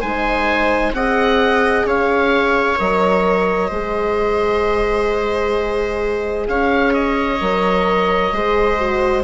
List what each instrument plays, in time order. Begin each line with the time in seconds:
0.00 bassoon G#3, horn D#4, viola C5, oboe G#5
0.92 bassoon C4, horn G#4, viola D#5, oboe F#5
1.84 bassoon C#4, viola C#5, oboe F5
2.78 bassoon F#3, horn A#4, oboe D#5
3.68 bassoon G#3, horn G#4, viola C5
6.47 bassoon C#4, viola C#5, oboe F5
6.93 oboe D#5
7.40 bassoon F#3, horn A#4
8.32 bassoon G#3, horn G#4, viola C5
8.78 horn F#4